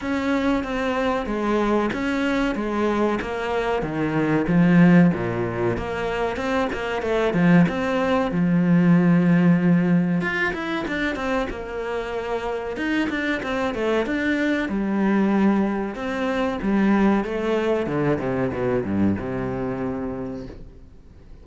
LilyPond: \new Staff \with { instrumentName = "cello" } { \time 4/4 \tempo 4 = 94 cis'4 c'4 gis4 cis'4 | gis4 ais4 dis4 f4 | ais,4 ais4 c'8 ais8 a8 f8 | c'4 f2. |
f'8 e'8 d'8 c'8 ais2 | dis'8 d'8 c'8 a8 d'4 g4~ | g4 c'4 g4 a4 | d8 c8 b,8 g,8 c2 | }